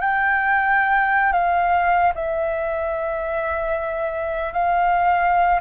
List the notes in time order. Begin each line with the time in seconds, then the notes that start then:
0.00 G5
1.32 F5
2.15 E5
4.53 F5